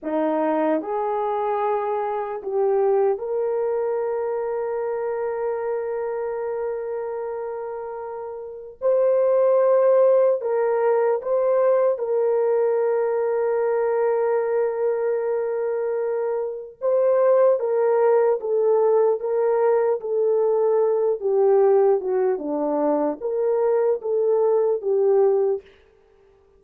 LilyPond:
\new Staff \with { instrumentName = "horn" } { \time 4/4 \tempo 4 = 75 dis'4 gis'2 g'4 | ais'1~ | ais'2. c''4~ | c''4 ais'4 c''4 ais'4~ |
ais'1~ | ais'4 c''4 ais'4 a'4 | ais'4 a'4. g'4 fis'8 | d'4 ais'4 a'4 g'4 | }